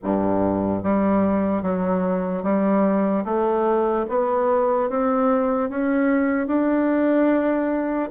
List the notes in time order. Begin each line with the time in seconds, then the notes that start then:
0.03 G2
0.83 G3
1.62 F#3
2.43 G3
3.24 A3
4.08 B3
4.89 C4
5.69 C#4
6.47 D4